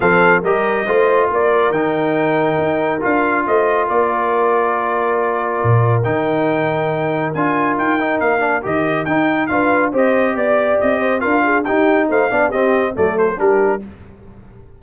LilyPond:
<<
  \new Staff \with { instrumentName = "trumpet" } { \time 4/4 \tempo 4 = 139 f''4 dis''2 d''4 | g''2. f''4 | dis''4 d''2.~ | d''2 g''2~ |
g''4 gis''4 g''4 f''4 | dis''4 g''4 f''4 dis''4 | d''4 dis''4 f''4 g''4 | f''4 dis''4 d''8 c''8 ais'4 | }
  \new Staff \with { instrumentName = "horn" } { \time 4/4 a'4 ais'4 c''4 ais'4~ | ais'1 | c''4 ais'2.~ | ais'1~ |
ais'1~ | ais'2 b'4 c''4 | d''4. c''8 ais'8 gis'8 g'4 | c''8 d''8 g'4 a'4 g'4 | }
  \new Staff \with { instrumentName = "trombone" } { \time 4/4 c'4 g'4 f'2 | dis'2. f'4~ | f'1~ | f'2 dis'2~ |
dis'4 f'4. dis'4 d'8 | g'4 dis'4 f'4 g'4~ | g'2 f'4 dis'4~ | dis'8 d'8 c'4 a4 d'4 | }
  \new Staff \with { instrumentName = "tuba" } { \time 4/4 f4 g4 a4 ais4 | dis2 dis'4 d'4 | a4 ais2.~ | ais4 ais,4 dis2~ |
dis4 d'4 dis'4 ais4 | dis4 dis'4 d'4 c'4 | b4 c'4 d'4 dis'4 | a8 b8 c'4 fis4 g4 | }
>>